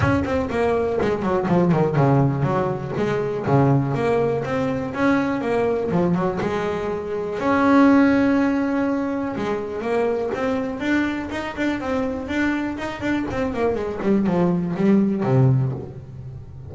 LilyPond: \new Staff \with { instrumentName = "double bass" } { \time 4/4 \tempo 4 = 122 cis'8 c'8 ais4 gis8 fis8 f8 dis8 | cis4 fis4 gis4 cis4 | ais4 c'4 cis'4 ais4 | f8 fis8 gis2 cis'4~ |
cis'2. gis4 | ais4 c'4 d'4 dis'8 d'8 | c'4 d'4 dis'8 d'8 c'8 ais8 | gis8 g8 f4 g4 c4 | }